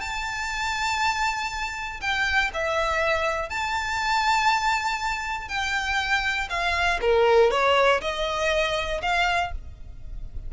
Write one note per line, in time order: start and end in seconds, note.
0.00 2.00 A5
2.00 2.50 G5
2.53 3.49 E5
3.49 5.48 A5
5.48 6.48 G5
6.49 6.99 F5
7.01 7.50 A#4
7.50 8.00 C#5
8.01 9.01 D#5
9.02 9.52 F5